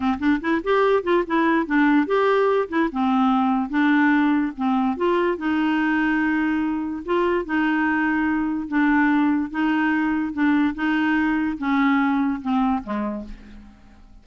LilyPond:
\new Staff \with { instrumentName = "clarinet" } { \time 4/4 \tempo 4 = 145 c'8 d'8 e'8 g'4 f'8 e'4 | d'4 g'4. e'8 c'4~ | c'4 d'2 c'4 | f'4 dis'2.~ |
dis'4 f'4 dis'2~ | dis'4 d'2 dis'4~ | dis'4 d'4 dis'2 | cis'2 c'4 gis4 | }